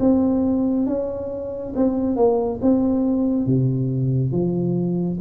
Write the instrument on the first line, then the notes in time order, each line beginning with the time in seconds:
tuba
0.00 C4
0.87 C#4
1.76 C4
2.16 A#3
2.62 C4
3.46 C3
4.32 F3